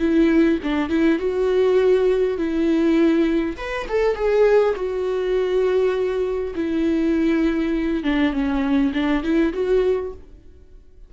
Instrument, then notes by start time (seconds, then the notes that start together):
viola
0.00 E4
0.64 D4
0.90 E4
1.19 F#4
2.38 E4
3.57 B4
3.89 A4
4.16 G#4
4.76 F#4
6.56 E4
8.04 D4
8.33 C#4
8.94 D4
9.23 E4
9.54 F#4